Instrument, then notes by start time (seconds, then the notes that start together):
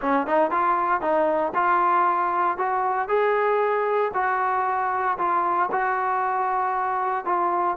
trombone
0.01 C#4
0.26 D#4
0.50 F4
1.01 D#4
1.54 F4
2.57 F#4
3.08 G#4
4.14 F#4
5.17 F4
5.71 F#4
7.25 F4